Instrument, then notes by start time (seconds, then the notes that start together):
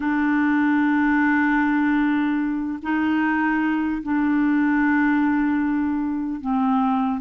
clarinet
0.00 D4
2.82 D#4
4.02 D4
6.40 C4